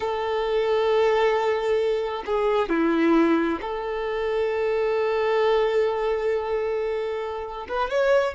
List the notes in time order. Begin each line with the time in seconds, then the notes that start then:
0.00 A4
2.26 G#4
2.69 E4
3.61 A4
7.68 B4
7.90 C#5